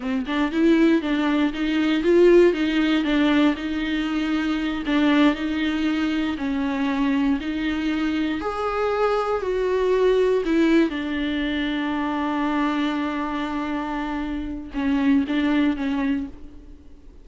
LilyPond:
\new Staff \with { instrumentName = "viola" } { \time 4/4 \tempo 4 = 118 c'8 d'8 e'4 d'4 dis'4 | f'4 dis'4 d'4 dis'4~ | dis'4. d'4 dis'4.~ | dis'8 cis'2 dis'4.~ |
dis'8 gis'2 fis'4.~ | fis'8 e'4 d'2~ d'8~ | d'1~ | d'4 cis'4 d'4 cis'4 | }